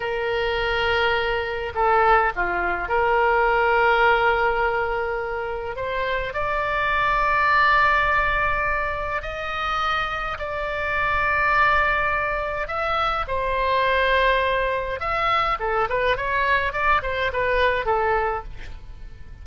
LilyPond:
\new Staff \with { instrumentName = "oboe" } { \time 4/4 \tempo 4 = 104 ais'2. a'4 | f'4 ais'2.~ | ais'2 c''4 d''4~ | d''1 |
dis''2 d''2~ | d''2 e''4 c''4~ | c''2 e''4 a'8 b'8 | cis''4 d''8 c''8 b'4 a'4 | }